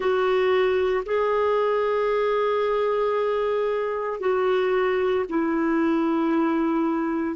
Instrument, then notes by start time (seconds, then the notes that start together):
clarinet
0.00 F#4
1.05 G#4
4.20 F#4
5.29 E4